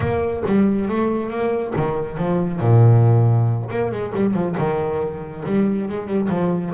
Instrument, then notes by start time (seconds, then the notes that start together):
double bass
0.00 A#3
0.45 G3
0.88 A3
1.30 A#3
1.75 D#3
2.17 F3
2.60 A#2
3.70 A#3
3.91 G#3
4.14 G3
4.33 F3
4.57 D#3
5.45 G3
5.88 G#3
6.06 G3
6.29 F3